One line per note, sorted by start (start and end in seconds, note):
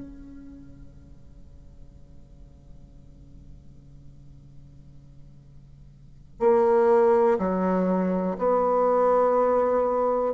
0.00 6.39 C#3
6.39 7.38 A#3
7.39 8.37 F#3
8.37 10.33 B3